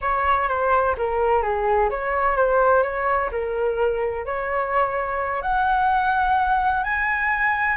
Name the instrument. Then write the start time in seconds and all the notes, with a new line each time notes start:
flute
0.01 C#5
0.48 C5
0.97 A#4
1.42 G#4
1.90 C#5
2.36 C5
2.82 C#5
3.31 A#4
4.25 C#5
5.42 F#5
6.83 G#5